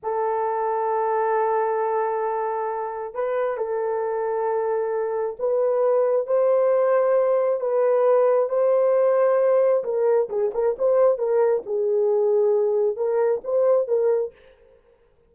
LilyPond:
\new Staff \with { instrumentName = "horn" } { \time 4/4 \tempo 4 = 134 a'1~ | a'2. b'4 | a'1 | b'2 c''2~ |
c''4 b'2 c''4~ | c''2 ais'4 gis'8 ais'8 | c''4 ais'4 gis'2~ | gis'4 ais'4 c''4 ais'4 | }